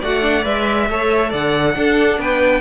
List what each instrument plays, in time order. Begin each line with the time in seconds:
0.00 cello A3, viola F#4, violin D5 F#5
0.22 viola D4
0.42 cello G#3, viola B4, violin E5
0.89 cello A3, viola A4, violin C#5
1.29 cello D3, violin D5 F#5
1.75 cello D4, viola D4, violin A4
2.18 cello B3, violin B4 G5